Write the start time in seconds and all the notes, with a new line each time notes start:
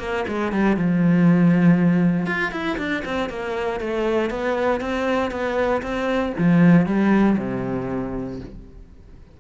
0.00 A#3
0.28 G#3
0.53 G3
0.77 F3
2.27 F4
2.52 E4
2.78 D4
3.06 C4
3.30 A#3
3.80 A3
4.31 B3
4.81 C4
5.32 B3
5.83 C4
6.39 F3
6.86 G3
7.38 C3